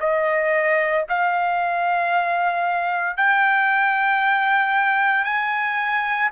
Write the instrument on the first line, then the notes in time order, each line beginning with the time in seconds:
trumpet
0.00 D#5
1.09 F5
3.17 G5
5.24 G#5